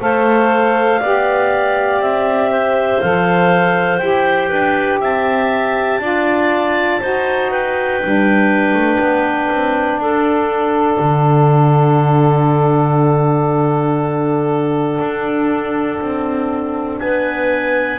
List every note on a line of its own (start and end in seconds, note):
0.00 1.00 A3
0.00 1.00 A4
0.00 1.00 C5
0.00 2.01 F5
1.00 1.99 B3
1.00 3.01 G4
1.00 2.50 D5
1.99 2.99 C4
1.99 3.01 E5
2.50 4.49 C5
3.01 4.00 F3
3.01 4.00 A4
3.01 3.97 F5
3.97 4.50 E4
3.97 6.00 G4
3.97 4.97 G5
4.49 5.01 D4
4.49 4.99 B4
5.00 5.99 C4
5.00 6.00 E5
5.00 7.51 A5
5.99 6.99 D4
5.99 7.00 F4
5.99 7.00 D5
7.00 8.01 D#4
7.00 8.01 F#4
7.00 7.50 C5
7.50 10.00 B4
7.50 10.00 G5
8.01 8.74 G3
8.01 17.99 D4
8.74 8.99 A3
8.99 9.49 B3
9.50 9.97 C4
9.97 10.97 D4
9.97 17.00 A4
9.97 16.99 F#5
10.99 14.99 D3
15.00 16.00 D4
16.01 17.01 C4
16.99 17.99 B3
16.99 17.99 B4
16.99 17.99 G#5